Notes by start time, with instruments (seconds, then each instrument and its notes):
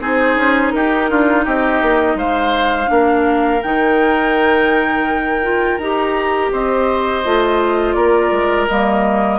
0.00 bassoon C4, clarinet D#4, oboe G#4, flute C5
0.36 bassoon C#4
0.71 bassoon D#4, oboe G4, flute A#4
1.10 bassoon D4, oboe F4
1.44 bassoon C4, oboe G4, flute D#5
1.82 bassoon A#3
2.15 bassoon G#3, oboe C5, flute F5
2.87 bassoon A#3, clarinet D4, oboe A#4
3.63 bassoon D#3, clarinet D#4, flute G5
5.43 clarinet F4
5.78 bassoon D#4, clarinet G4, flute A#5
6.52 bassoon C4, oboe C5, flute D#5
7.25 bassoon A3, clarinet F4
7.93 bassoon A#3, oboe A#4, flute D5
8.31 bassoon G#3
8.68 bassoon G3, clarinet A#3, flute D#5